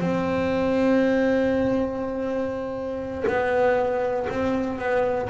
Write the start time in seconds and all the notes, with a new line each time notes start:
0.00 C4
3.28 B3
4.30 C4
4.79 B3